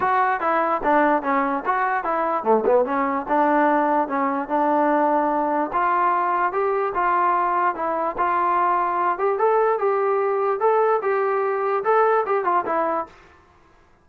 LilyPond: \new Staff \with { instrumentName = "trombone" } { \time 4/4 \tempo 4 = 147 fis'4 e'4 d'4 cis'4 | fis'4 e'4 a8 b8 cis'4 | d'2 cis'4 d'4~ | d'2 f'2 |
g'4 f'2 e'4 | f'2~ f'8 g'8 a'4 | g'2 a'4 g'4~ | g'4 a'4 g'8 f'8 e'4 | }